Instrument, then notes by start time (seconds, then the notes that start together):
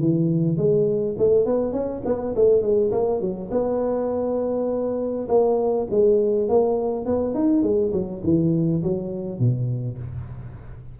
tuba
0.00 E3
0.57 G#3
1.18 A3
1.45 B3
1.72 C#4
2.05 B3
2.36 A3
2.62 G#3
2.92 A#3
3.21 F#3
3.51 B3
5.28 A#3
5.90 G#3
6.49 A#3
7.05 B3
7.34 D#4
7.63 G#3
7.93 F#3
8.24 E3
8.83 F#3
9.39 B2